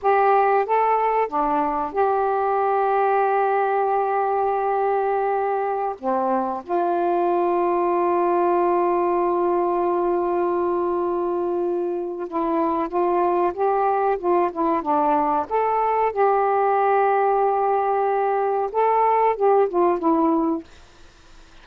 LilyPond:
\new Staff \with { instrumentName = "saxophone" } { \time 4/4 \tempo 4 = 93 g'4 a'4 d'4 g'4~ | g'1~ | g'4~ g'16 c'4 f'4.~ f'16~ | f'1~ |
f'2. e'4 | f'4 g'4 f'8 e'8 d'4 | a'4 g'2.~ | g'4 a'4 g'8 f'8 e'4 | }